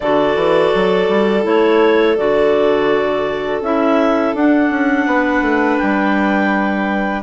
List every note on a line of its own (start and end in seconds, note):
0.00 0.35 D3
0.00 1.42 F#4
0.00 5.06 A4
0.00 1.45 D5
0.35 0.71 E3
0.75 1.08 F#3
1.08 1.44 G3
1.42 2.17 A3
1.42 2.15 E4
1.42 2.17 C#5
2.17 3.60 D3
2.17 3.62 F#4
2.17 3.61 D5
3.60 4.33 C#4
3.60 4.35 E4
3.60 4.35 E5
4.34 4.70 D4
4.34 7.22 D4
4.34 5.78 F#5
4.70 5.06 C#4
5.06 5.41 B3
5.06 7.22 B4
5.41 5.77 A3
5.78 7.22 G3
5.78 7.22 G5